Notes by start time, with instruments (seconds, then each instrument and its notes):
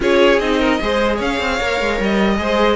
0.00 cello C#4, viola F4, violin G#4 C#5
0.39 cello C4, viola D#4, violin D#5
0.59 violin A#4
0.81 cello G#3, viola G#4, violin C5
1.16 cello C#4, violin C#5 F5
1.40 cello C4
1.60 cello A#3, viola A#4
1.80 cello G#3
2.00 cello G3, violin D#5
2.36 cello G#3, viola G#4, violin C5